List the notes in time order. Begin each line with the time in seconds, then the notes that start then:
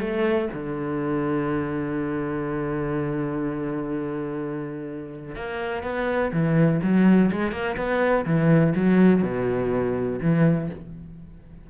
0.00 A3
0.53 D3
5.35 A#3
5.83 B3
6.32 E3
6.83 F#3
7.32 G#3
7.52 A#3
7.76 B3
8.25 E3
8.75 F#3
9.22 B2
10.21 E3